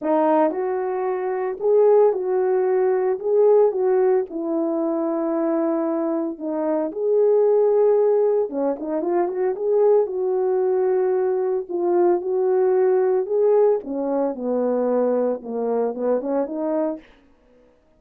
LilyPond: \new Staff \with { instrumentName = "horn" } { \time 4/4 \tempo 4 = 113 dis'4 fis'2 gis'4 | fis'2 gis'4 fis'4 | e'1 | dis'4 gis'2. |
cis'8 dis'8 f'8 fis'8 gis'4 fis'4~ | fis'2 f'4 fis'4~ | fis'4 gis'4 cis'4 b4~ | b4 ais4 b8 cis'8 dis'4 | }